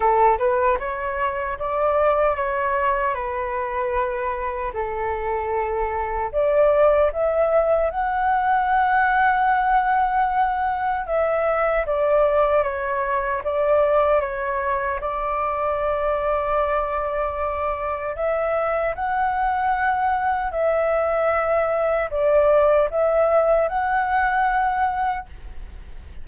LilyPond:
\new Staff \with { instrumentName = "flute" } { \time 4/4 \tempo 4 = 76 a'8 b'8 cis''4 d''4 cis''4 | b'2 a'2 | d''4 e''4 fis''2~ | fis''2 e''4 d''4 |
cis''4 d''4 cis''4 d''4~ | d''2. e''4 | fis''2 e''2 | d''4 e''4 fis''2 | }